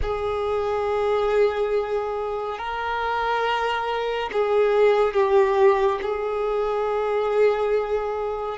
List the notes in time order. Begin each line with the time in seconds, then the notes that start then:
0.02 G#4
2.58 A#4
4.32 G#4
5.13 G4
6.02 G#4